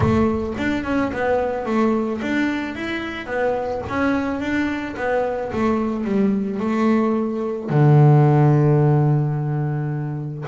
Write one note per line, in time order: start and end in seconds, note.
0.00 0.54 A3
0.58 0.84 D4
0.84 1.11 C#4
1.12 1.65 B3
1.65 2.20 A3
2.21 2.75 D4
2.75 3.26 E4
3.26 3.81 B3
3.88 4.40 C#4
4.40 4.95 D4
4.96 5.51 B3
5.52 6.04 A3
6.04 6.59 G3
6.59 7.69 A3
7.69 10.44 D3